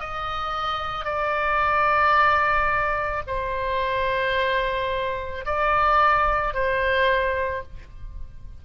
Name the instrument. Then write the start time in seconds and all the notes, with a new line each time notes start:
oboe
0.00 D#5
1.05 D5
3.27 C5
5.45 D5
6.54 C5